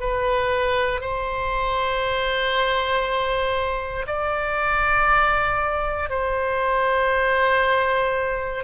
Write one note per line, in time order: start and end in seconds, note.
0.00 1.01 B4
1.01 4.06 C5
4.07 6.10 D5
6.10 8.64 C5